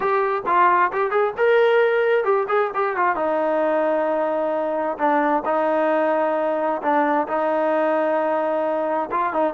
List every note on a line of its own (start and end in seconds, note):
0.00 0.42 G4
0.46 0.91 F4
0.92 1.10 G4
1.10 1.33 G#4
1.37 2.24 A#4
2.24 2.47 G4
2.48 2.70 G#4
2.74 2.96 G4
2.96 3.15 F4
3.15 4.97 D#4
4.98 5.43 D4
5.45 6.81 D#4
6.82 7.27 D4
7.27 9.09 D#4
9.11 9.33 F4
9.33 9.53 D#4